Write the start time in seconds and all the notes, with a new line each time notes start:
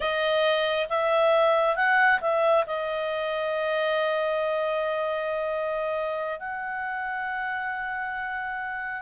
0.00 D#5
0.89 E5
1.76 F#5
2.20 E5
2.66 D#5
6.39 F#5